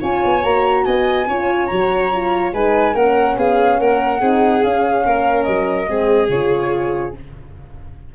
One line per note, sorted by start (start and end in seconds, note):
0.00 0.24 C#4
0.00 0.42 F4
0.00 0.84 C#5
0.00 0.44 G#5
0.24 0.44 B3
0.43 0.85 A#3
0.43 1.27 F#4
0.43 0.85 A#5
0.85 1.27 B3
0.85 1.28 D#5
0.85 1.66 G#5
1.27 1.69 C#4
1.27 1.71 F4
1.27 2.54 C#5
1.66 2.53 F#3
1.66 2.12 F#4
1.66 2.50 A#5
2.12 2.54 F4
2.53 2.94 G#3
2.53 2.95 D#4
2.53 2.94 B4
2.53 2.96 G#5
2.94 3.36 A#3
2.94 4.21 C#4
2.94 3.36 A#4
2.94 3.38 F#5
3.37 3.79 B3
3.37 3.80 G#4
3.37 3.80 F5
3.79 4.21 A#3
3.79 4.21 A#4
3.79 4.64 F#5
4.21 4.63 C4
4.21 4.63 D#4
4.21 5.04 G#4
4.63 5.87 C#4
4.63 5.06 C#4
4.63 5.43 F5
5.06 5.47 A#3
5.06 5.89 A#4
5.43 5.88 F#3
5.43 6.27 D#5
5.87 6.29 G#3
5.87 6.29 C4
5.87 7.15 G#4
6.29 7.13 C#3
6.29 7.15 F4
6.29 7.14 C#5